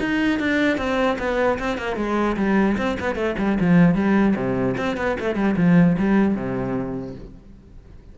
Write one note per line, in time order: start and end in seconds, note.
0.00 0.40 D#4
0.40 0.77 D4
0.77 1.17 C4
1.19 1.59 B3
1.59 1.78 C4
1.78 1.96 A#3
1.96 2.36 G#3
2.37 2.77 G3
2.77 2.97 C4
3.00 3.16 B3
3.16 3.36 A3
3.38 3.58 G3
3.60 3.95 F3
3.95 4.35 G3
4.36 4.76 C3
4.78 4.97 C4
4.97 5.17 B3
5.20 5.35 A3
5.35 5.55 G3
5.57 5.97 F3
5.99 6.35 G3
6.35 7.15 C3